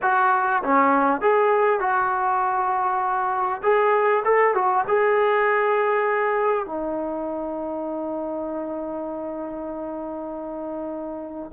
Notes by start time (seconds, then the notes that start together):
0.02 F#4
0.63 C#4
1.21 G#4
1.80 F#4
3.62 G#4
4.25 A4
4.54 F#4
4.87 G#4
6.66 D#4